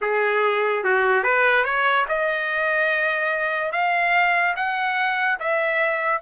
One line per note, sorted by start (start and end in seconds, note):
0.01 0.84 G#4
0.84 1.23 F#4
1.23 1.64 B4
1.64 2.05 C#5
2.08 3.71 D#5
3.71 4.54 F5
4.56 5.38 F#5
5.39 6.21 E5